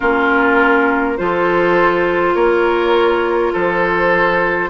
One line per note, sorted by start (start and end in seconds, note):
0.00 1.19 A#3
0.00 1.16 C#4
0.00 1.17 F4
0.00 1.17 A#4
1.16 2.34 F3
1.16 4.69 F4
1.16 2.35 A4
1.16 2.35 C5
2.34 3.52 A#3
2.34 3.52 A#4
2.34 3.52 C#5
3.52 4.69 F3
3.52 4.69 A4
3.52 4.69 C5